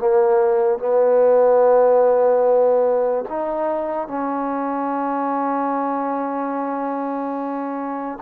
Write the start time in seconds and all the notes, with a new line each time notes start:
0.00 A#3
0.79 B3
3.30 D#4
4.08 C#4